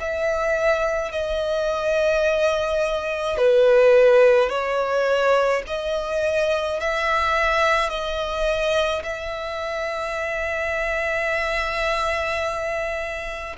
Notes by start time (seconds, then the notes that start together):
0.00 E5
1.12 D#5
3.37 B4
4.49 C#5
5.67 D#5
6.80 E5
7.89 D#5
9.03 E5